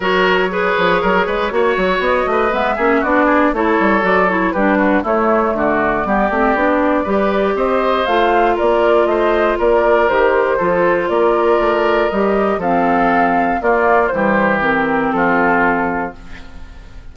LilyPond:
<<
  \new Staff \with { instrumentName = "flute" } { \time 4/4 \tempo 4 = 119 cis''1 | dis''4 e''4 d''4 cis''4 | d''8 cis''8 b'4 cis''4 d''4~ | d''2. dis''4 |
f''4 d''4 dis''4 d''4 | c''2 d''2 | dis''4 f''2 d''4 | c''4 ais'4 a'2 | }
  \new Staff \with { instrumentName = "oboe" } { \time 4/4 ais'4 b'4 ais'8 b'8 cis''4~ | cis''8 b'4 gis'8 fis'8 gis'8 a'4~ | a'4 g'8 fis'8 e'4 fis'4 | g'2 b'4 c''4~ |
c''4 ais'4 c''4 ais'4~ | ais'4 a'4 ais'2~ | ais'4 a'2 f'4 | g'2 f'2 | }
  \new Staff \with { instrumentName = "clarinet" } { \time 4/4 fis'4 gis'2 fis'4~ | fis'4 b8 cis'8 d'4 e'4 | fis'8 e'8 d'4 a2 | b8 c'8 d'4 g'2 |
f'1 | g'4 f'2. | g'4 c'2 ais4 | g4 c'2. | }
  \new Staff \with { instrumentName = "bassoon" } { \time 4/4 fis4. f8 fis8 gis8 ais8 fis8 | b8 a8 gis8 ais8 b4 a8 g8 | fis4 g4 a4 d4 | g8 a8 b4 g4 c'4 |
a4 ais4 a4 ais4 | dis4 f4 ais4 a4 | g4 f2 ais4 | e2 f2 | }
>>